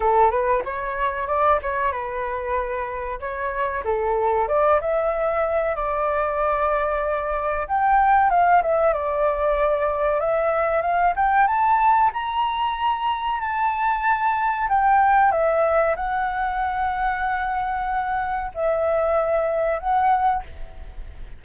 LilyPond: \new Staff \with { instrumentName = "flute" } { \time 4/4 \tempo 4 = 94 a'8 b'8 cis''4 d''8 cis''8 b'4~ | b'4 cis''4 a'4 d''8 e''8~ | e''4 d''2. | g''4 f''8 e''8 d''2 |
e''4 f''8 g''8 a''4 ais''4~ | ais''4 a''2 g''4 | e''4 fis''2.~ | fis''4 e''2 fis''4 | }